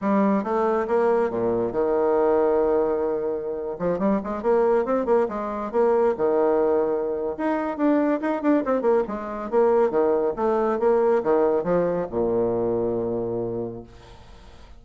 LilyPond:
\new Staff \with { instrumentName = "bassoon" } { \time 4/4 \tempo 4 = 139 g4 a4 ais4 ais,4 | dis1~ | dis8. f8 g8 gis8 ais4 c'8 ais16~ | ais16 gis4 ais4 dis4.~ dis16~ |
dis4 dis'4 d'4 dis'8 d'8 | c'8 ais8 gis4 ais4 dis4 | a4 ais4 dis4 f4 | ais,1 | }